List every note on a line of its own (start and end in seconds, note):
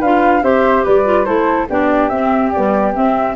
0.00 0.43 D4
0.00 0.42 F4
0.00 0.42 B4
0.00 0.44 F5
0.42 0.85 C4
0.42 1.05 G4
0.42 0.85 C5
0.42 0.86 E5
0.85 1.27 G3
0.85 1.26 B4
0.85 1.25 D5
1.05 1.26 F4
1.25 1.69 A3
1.25 1.68 E4
1.25 1.68 A4
1.25 1.67 C5
1.70 2.11 B3
1.70 2.12 D4
1.70 3.36 G4
1.70 2.09 D5
2.09 2.53 C4
2.09 2.54 C4
2.09 2.51 E5
2.52 2.94 G3
2.52 2.98 B3
2.52 2.94 D5
2.94 3.36 C4
2.94 3.36 E5